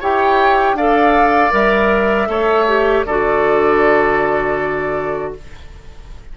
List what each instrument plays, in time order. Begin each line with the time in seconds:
0.00 bassoon E4, clarinet G4, oboe C#5, flute G5
0.73 bassoon D4, clarinet A4, oboe D5, flute F5
1.51 bassoon G3, clarinet A#4, flute E5
2.27 bassoon A3, clarinet A4, oboe C#5
2.68 clarinet G4
3.05 bassoon D3, clarinet F#4, oboe A4, flute D5